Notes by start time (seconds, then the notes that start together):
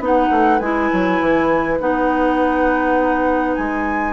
0.00 B3 D#4 B4 F#5
0.31 A3
0.60 G#3 E4 G#5
0.93 F#3
1.21 E3
1.80 B3 D#4 F#5
3.56 G#3 G#5